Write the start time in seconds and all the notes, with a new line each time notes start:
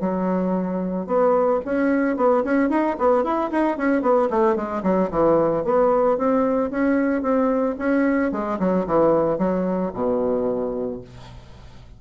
0.00 F#3
1.06 B3
1.65 C#4
2.16 B3
2.44 C#4
2.69 D#4
2.99 B3
3.24 E4
3.51 D#4
3.77 C#4
4.02 B3
4.30 A3
4.55 G#3
4.83 F#3
5.10 E3
5.64 B3
6.18 C4
6.70 C#4
7.22 C4
7.78 C#4
8.32 G#3
8.59 F#3
8.86 E3
9.38 F#3
9.94 B2